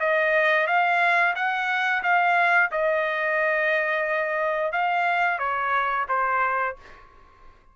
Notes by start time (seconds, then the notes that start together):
0.00 D#5
0.67 F5
1.35 F#5
2.03 F5
2.72 D#5
4.72 F5
5.38 C#5
6.09 C5